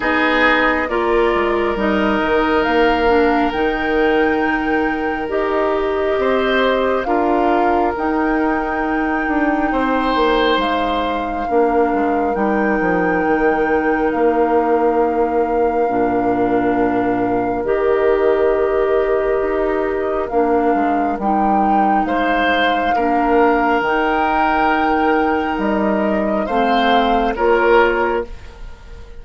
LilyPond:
<<
  \new Staff \with { instrumentName = "flute" } { \time 4/4 \tempo 4 = 68 dis''4 d''4 dis''4 f''4 | g''2 dis''2 | f''4 g''2. | f''2 g''2 |
f''1 | dis''2. f''4 | g''4 f''2 g''4~ | g''4 dis''4 f''4 cis''4 | }
  \new Staff \with { instrumentName = "oboe" } { \time 4/4 gis'4 ais'2.~ | ais'2. c''4 | ais'2. c''4~ | c''4 ais'2.~ |
ais'1~ | ais'1~ | ais'4 c''4 ais'2~ | ais'2 c''4 ais'4 | }
  \new Staff \with { instrumentName = "clarinet" } { \time 4/4 dis'4 f'4 dis'4. d'8 | dis'2 g'2 | f'4 dis'2.~ | dis'4 d'4 dis'2~ |
dis'2 d'2 | g'2. d'4 | dis'2 d'4 dis'4~ | dis'2 c'4 f'4 | }
  \new Staff \with { instrumentName = "bassoon" } { \time 4/4 b4 ais8 gis8 g8 dis8 ais4 | dis2 dis'4 c'4 | d'4 dis'4. d'8 c'8 ais8 | gis4 ais8 gis8 g8 f8 dis4 |
ais2 ais,2 | dis2 dis'4 ais8 gis8 | g4 gis4 ais4 dis4~ | dis4 g4 a4 ais4 | }
>>